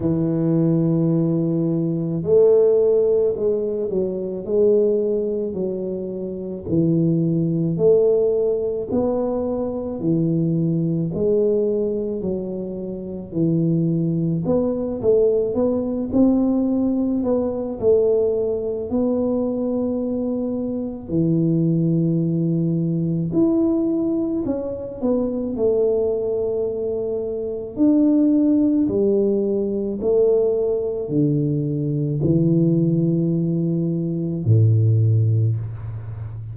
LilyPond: \new Staff \with { instrumentName = "tuba" } { \time 4/4 \tempo 4 = 54 e2 a4 gis8 fis8 | gis4 fis4 e4 a4 | b4 e4 gis4 fis4 | e4 b8 a8 b8 c'4 b8 |
a4 b2 e4~ | e4 e'4 cis'8 b8 a4~ | a4 d'4 g4 a4 | d4 e2 a,4 | }